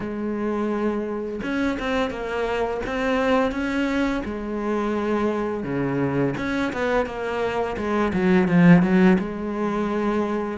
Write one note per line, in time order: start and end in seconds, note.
0.00 1.41 G#3
1.42 1.78 C#4
1.79 2.10 C4
2.10 2.80 A#3
2.86 3.51 C4
3.51 4.22 C#4
4.24 5.63 G#3
5.63 6.34 C#3
6.37 6.72 C#4
6.73 7.06 B3
7.06 7.76 A#3
7.76 8.12 G#3
8.13 8.48 F#3
8.48 8.82 F3
8.82 9.17 F#3
9.18 10.58 G#3